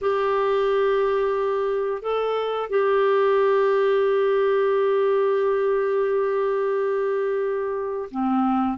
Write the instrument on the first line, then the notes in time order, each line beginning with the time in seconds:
clarinet
0.01 G4
2.02 A4
2.69 G4
8.10 C4